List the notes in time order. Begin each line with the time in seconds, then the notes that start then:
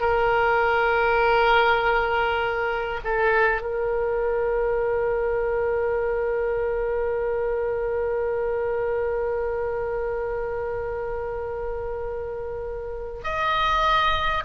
0.00 A#4
3.04 A4
3.61 A#4
13.23 D#5